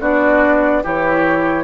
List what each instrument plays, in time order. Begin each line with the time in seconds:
0.00 bassoon B3, clarinet D4, oboe F#4, flute D5
0.83 bassoon E3, clarinet E4, oboe G4, flute C#5